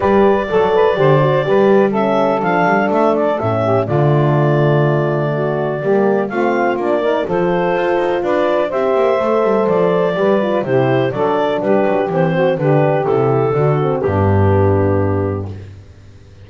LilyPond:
<<
  \new Staff \with { instrumentName = "clarinet" } { \time 4/4 \tempo 4 = 124 d''1 | e''4 f''4 e''8 d''8 e''4 | d''1~ | d''4 f''4 d''4 c''4~ |
c''4 d''4 e''2 | d''2 c''4 d''4 | b'4 c''4 b'4 a'4~ | a'4 g'2. | }
  \new Staff \with { instrumentName = "saxophone" } { \time 4/4 b'4 a'8 b'8 c''4 b'4 | a'2.~ a'8 g'8 | f'2. fis'4 | g'4 f'4. ais'8 a'4~ |
a'4 b'4 c''2~ | c''4 b'4 g'4 a'4 | g'4. fis'8 g'2 | fis'4 d'2. | }
  \new Staff \with { instrumentName = "horn" } { \time 4/4 g'4 a'4 g'8 fis'8 g'4 | cis'4 d'2 cis'4 | a1 | ais4 c'4 d'8 dis'8 f'4~ |
f'2 g'4 a'4~ | a'4 g'8 f'8 e'4 d'4~ | d'4 c'4 d'4 e'4 | d'8 c'8 b2. | }
  \new Staff \with { instrumentName = "double bass" } { \time 4/4 g4 fis4 d4 g4~ | g4 f8 g8 a4 a,4 | d1 | g4 a4 ais4 f4 |
f'8 dis'8 d'4 c'8 ais8 a8 g8 | f4 g4 c4 fis4 | g8 fis8 e4 d4 c4 | d4 g,2. | }
>>